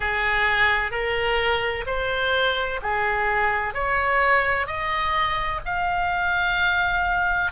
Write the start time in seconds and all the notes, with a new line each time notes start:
0.00 G#4
0.91 A#4
1.86 C5
2.82 G#4
3.74 C#5
4.66 D#5
5.65 F5